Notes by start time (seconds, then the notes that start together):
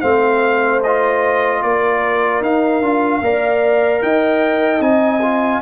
0.00 A3 C4 C5 F5
0.83 F4 D#5
1.62 A#3 A#4 D5
2.41 D#4 F5
2.80 D4 F4
3.21 A#3 A#4 D5
4.02 D#4 D#5 G5
4.80 C4 D#4 G#5
5.22 F4